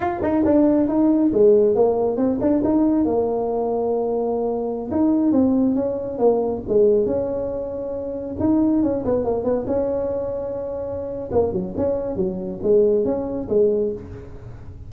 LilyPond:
\new Staff \with { instrumentName = "tuba" } { \time 4/4 \tempo 4 = 138 f'8 dis'8 d'4 dis'4 gis4 | ais4 c'8 d'8 dis'4 ais4~ | ais2.~ ais16 dis'8.~ | dis'16 c'4 cis'4 ais4 gis8.~ |
gis16 cis'2. dis'8.~ | dis'16 cis'8 b8 ais8 b8 cis'4.~ cis'16~ | cis'2 ais8 fis8 cis'4 | fis4 gis4 cis'4 gis4 | }